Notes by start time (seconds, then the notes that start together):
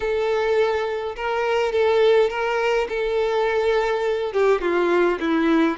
0.00 A4
1.16 A#4
1.72 A4
2.29 A#4
2.88 A4
4.32 G4
4.61 F4
5.19 E4